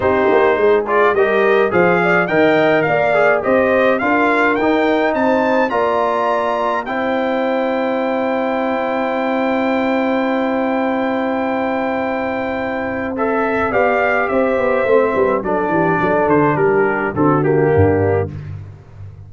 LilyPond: <<
  \new Staff \with { instrumentName = "trumpet" } { \time 4/4 \tempo 4 = 105 c''4. d''8 dis''4 f''4 | g''4 f''4 dis''4 f''4 | g''4 a''4 ais''2 | g''1~ |
g''1~ | g''2. e''4 | f''4 e''2 d''4~ | d''8 c''8 ais'4 a'8 g'4. | }
  \new Staff \with { instrumentName = "horn" } { \time 4/4 g'4 gis'4 ais'4 c''8 d''8 | dis''4 d''4 c''4 ais'4~ | ais'4 c''4 d''2 | c''1~ |
c''1~ | c''1 | d''4 c''4. b'8 a'8 g'8 | a'4 g'4 fis'4 d'4 | }
  \new Staff \with { instrumentName = "trombone" } { \time 4/4 dis'4. f'8 g'4 gis'4 | ais'4. gis'8 g'4 f'4 | dis'2 f'2 | e'1~ |
e'1~ | e'2. a'4 | g'2 c'4 d'4~ | d'2 c'8 ais4. | }
  \new Staff \with { instrumentName = "tuba" } { \time 4/4 c'8 ais8 gis4 g4 f4 | dis4 ais4 c'4 d'4 | dis'4 c'4 ais2 | c'1~ |
c'1~ | c'1 | b4 c'8 b8 a8 g8 fis8 e8 | fis8 d8 g4 d4 g,4 | }
>>